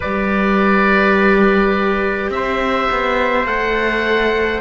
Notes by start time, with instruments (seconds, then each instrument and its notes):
0.00 cello G3, viola G4, trumpet B4, oboe D5
2.30 cello C4, trumpet C5, oboe E5
2.91 cello B3
3.45 cello A3, viola A4, oboe F#5